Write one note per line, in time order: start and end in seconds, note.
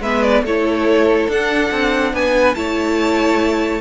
0.00 0.42 G#3
0.00 0.47 B3
0.00 0.44 B4
0.00 0.23 E5
0.23 0.44 D5
0.43 1.27 A3
0.43 1.31 E4
0.43 2.14 A4
0.43 1.31 C#5
1.28 1.71 D4
1.28 2.56 D4
1.28 2.15 F#5
1.72 2.13 C4
2.13 2.56 B3
2.13 2.57 B4
2.13 2.55 G#5
2.55 3.81 A3
2.55 3.81 E4
2.55 3.81 C#5
2.55 3.81 A5